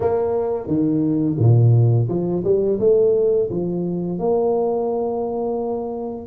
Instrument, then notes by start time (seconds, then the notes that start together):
tuba
0.00 A#3
0.67 D#3
1.38 A#2
2.08 F3
2.44 G3
2.79 A3
3.50 F3
4.18 A#3